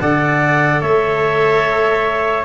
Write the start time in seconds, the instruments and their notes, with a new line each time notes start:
0.00 tuba D3, cello A4, trumpet D5, clarinet F#5
0.81 tuba A3, trumpet C#5, clarinet E5